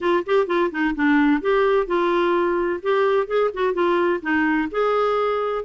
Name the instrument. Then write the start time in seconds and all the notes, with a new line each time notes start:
clarinet
0.00 F4
0.26 G4
0.46 F4
0.71 D#4
0.95 D4
1.41 G4
1.86 F4
2.82 G4
3.27 G#4
3.53 F#4
3.73 F4
4.21 D#4
4.71 G#4